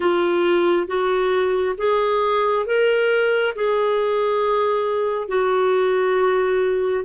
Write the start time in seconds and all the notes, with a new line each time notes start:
0.00 F4
0.87 F#4
1.77 G#4
2.66 A#4
3.55 G#4
5.27 F#4